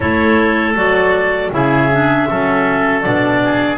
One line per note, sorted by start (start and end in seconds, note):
0.00 0.74 A3
0.00 0.75 E4
0.00 1.51 A4
0.00 0.76 C#5
0.74 1.50 F#3
0.74 1.51 F#4
0.74 1.52 D5
1.51 2.27 C#3
1.51 1.89 E4
1.51 2.28 G#4
1.51 3.01 E5
1.91 2.29 D4
2.28 3.06 F#3
2.28 3.04 C#4
2.28 3.42 A4
3.01 3.78 B2
3.01 3.78 D4
3.01 3.77 D5
3.44 3.78 G#4